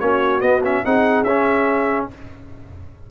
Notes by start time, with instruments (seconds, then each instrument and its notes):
0.00 tuba A#3, trombone C#4, horn F#4, trumpet C#5
0.40 trombone B3, tuba B3, trumpet D#5
0.64 trombone C#4, trumpet E5
0.85 tuba C4, trombone D#4, horn G#4, trumpet F#5
1.23 tuba C#4, trombone C#4, trumpet E5